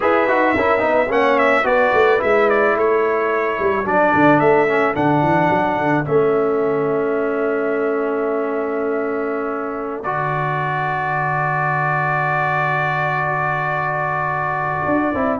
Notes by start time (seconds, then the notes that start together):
0.00 E4 G#4 B4 E5
0.28 D#4 F#4
0.55 C#4 E4 A#4
0.79 B3 D#4 B4
1.09 A#3 C#4 C#5 F#5
1.38 E5
1.63 B3 F#4 B4 D5
1.93 A3
2.19 G#3 E4 E5
2.49 D5
2.75 A3 A4 C#5
3.59 G3
3.85 F#3 D4 D5
4.14 D3
4.39 A3 E5
4.67 C#4
4.94 D3 D4 F#5
5.22 E3
5.50 F#3
5.77 D3
6.04 A3 C#4 E5
10.03 D3 F#4 D5
14.85 D4
15.14 C4 E4